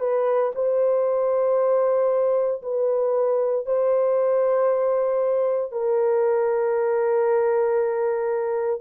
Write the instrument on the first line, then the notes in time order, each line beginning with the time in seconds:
horn
0.00 B4
0.55 C5
2.62 B4
3.66 C5
5.72 A#4